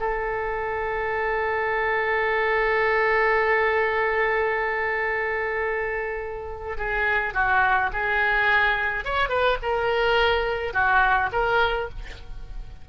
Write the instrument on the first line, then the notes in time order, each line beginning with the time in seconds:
oboe
0.00 A4
6.78 G#4
7.34 F#4
7.93 G#4
9.05 C#5
9.29 B4
9.62 A#4
10.74 F#4
11.33 A#4